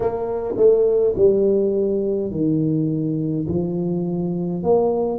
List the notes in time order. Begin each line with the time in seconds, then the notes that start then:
0.00 A#3
0.57 A3
1.15 G3
2.31 D#3
3.48 F3
4.63 A#3